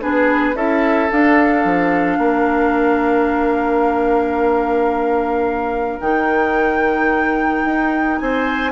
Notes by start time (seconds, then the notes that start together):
0.00 B3 D4 G#4 B4
0.54 C#4 E4 A4 E5
1.10 D4 F5
1.64 F3
2.17 A#3 A#4
6.00 D#3 D#4 G5
7.65 D#4
8.18 C4 C5 G#5